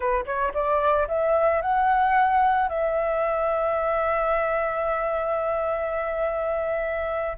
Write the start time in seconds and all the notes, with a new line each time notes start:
0.00 B4
0.25 C#5
0.54 D5
1.08 E5
1.61 F#5
2.68 E5